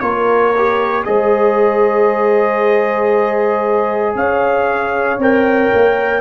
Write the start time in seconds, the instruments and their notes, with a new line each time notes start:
0.00 tuba A#3, trombone F4, horn A#4, trumpet C#5
0.58 trombone G4
1.05 tuba G#3, trombone G#4, horn C5, trumpet D#5
4.15 tuba C#4, horn C#5, trumpet F5
5.18 tuba C4, trombone A#4, trumpet G5
5.74 tuba A#3